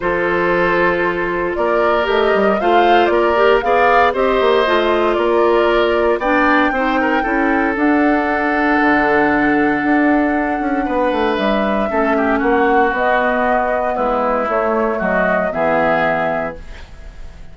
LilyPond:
<<
  \new Staff \with { instrumentName = "flute" } { \time 4/4 \tempo 4 = 116 c''2. d''4 | dis''4 f''4 d''4 f''4 | dis''2 d''2 | g''2. fis''4~ |
fis''1~ | fis''2 e''2 | fis''4 dis''2 b'4 | cis''4 dis''4 e''2 | }
  \new Staff \with { instrumentName = "oboe" } { \time 4/4 a'2. ais'4~ | ais'4 c''4 ais'4 d''4 | c''2 ais'2 | d''4 c''8 ais'8 a'2~ |
a'1~ | a'4 b'2 a'8 g'8 | fis'2. e'4~ | e'4 fis'4 gis'2 | }
  \new Staff \with { instrumentName = "clarinet" } { \time 4/4 f'1 | g'4 f'4. g'8 gis'4 | g'4 f'2. | d'4 dis'4 e'4 d'4~ |
d'1~ | d'2. cis'4~ | cis'4 b2. | a2 b2 | }
  \new Staff \with { instrumentName = "bassoon" } { \time 4/4 f2. ais4 | a8 g8 a4 ais4 b4 | c'8 ais8 a4 ais2 | b4 c'4 cis'4 d'4~ |
d'4 d2 d'4~ | d'8 cis'8 b8 a8 g4 a4 | ais4 b2 gis4 | a4 fis4 e2 | }
>>